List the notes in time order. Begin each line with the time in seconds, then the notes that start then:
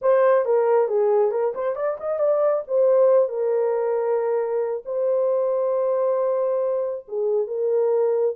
0.01 C5
0.45 A#4
0.87 G#4
1.31 A#4
1.54 C5
1.75 D5
2.00 D#5
2.19 D5
2.67 C5
3.28 A#4
4.85 C5
7.08 G#4
7.47 A#4